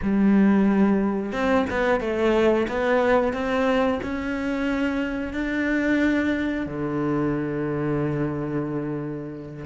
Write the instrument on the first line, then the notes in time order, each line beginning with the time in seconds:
cello
0.02 G3
1.32 C4
1.70 B3
2.00 A3
2.68 B3
3.33 C4
4.02 C#4
5.33 D4
6.66 D3